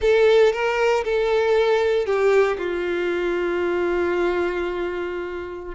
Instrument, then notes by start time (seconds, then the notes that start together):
violin
0.01 A4
0.52 A#4
1.04 A4
2.05 G4
2.58 F4